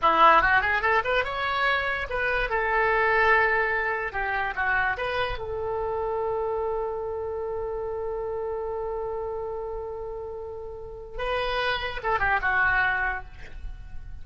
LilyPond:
\new Staff \with { instrumentName = "oboe" } { \time 4/4 \tempo 4 = 145 e'4 fis'8 gis'8 a'8 b'8 cis''4~ | cis''4 b'4 a'2~ | a'2 g'4 fis'4 | b'4 a'2.~ |
a'1~ | a'1~ | a'2. b'4~ | b'4 a'8 g'8 fis'2 | }